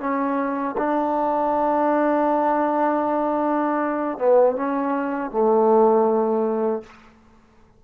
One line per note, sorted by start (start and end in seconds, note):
0.00 0.76 C#4
0.78 4.18 D4
4.18 4.56 B3
4.56 5.32 C#4
5.32 6.84 A3